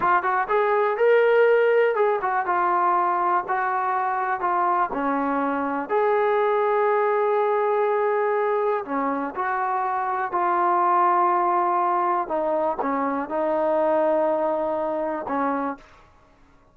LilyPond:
\new Staff \with { instrumentName = "trombone" } { \time 4/4 \tempo 4 = 122 f'8 fis'8 gis'4 ais'2 | gis'8 fis'8 f'2 fis'4~ | fis'4 f'4 cis'2 | gis'1~ |
gis'2 cis'4 fis'4~ | fis'4 f'2.~ | f'4 dis'4 cis'4 dis'4~ | dis'2. cis'4 | }